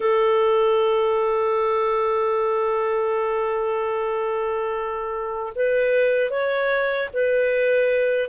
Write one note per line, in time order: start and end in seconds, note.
0.00 5.53 A4
5.55 6.30 B4
6.30 7.09 C#5
7.13 8.29 B4